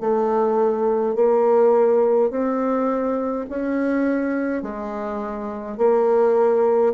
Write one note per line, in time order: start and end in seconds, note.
0.00 1.15 A3
1.15 2.30 A#3
2.30 3.46 C4
3.50 4.63 C#4
4.63 5.78 G#3
5.78 6.93 A#3